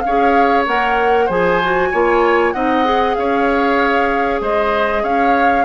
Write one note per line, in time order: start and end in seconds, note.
0.00 0.66 C#4
0.00 1.25 C#5
0.00 0.62 F5
0.08 0.66 G#4
0.66 1.28 A#3
0.66 1.28 A#4
0.66 1.29 F#5
1.25 1.91 F3
1.25 1.61 G#4
1.25 1.88 C5
1.25 2.52 G#5
1.62 1.93 F#4
1.91 2.54 A#3
1.91 2.54 F4
1.91 2.54 C#5
2.52 3.16 C4
2.52 2.84 D#4
2.52 3.16 D#5
2.52 3.15 F#5
2.84 5.65 G#4
3.15 4.40 C#4
3.15 4.41 C#5
3.15 4.40 F5
4.40 5.03 G#3
4.40 5.02 C5
4.40 5.04 D#5
5.02 5.65 C#4
5.02 5.65 C#5
5.02 5.65 F5